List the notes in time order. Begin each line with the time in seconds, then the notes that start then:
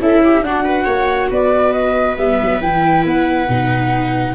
0.00 C#4 E4 A4 E5
0.24 G4
0.42 D4 F#4 F#5
0.64 B4
0.85 A#3 C#5
1.31 B3 B4 D5
1.72 D#5
2.17 G3 B3 E5
2.42 F#3
2.61 E3 E4 G5
3.05 B3 F#5
3.49 B2 D#4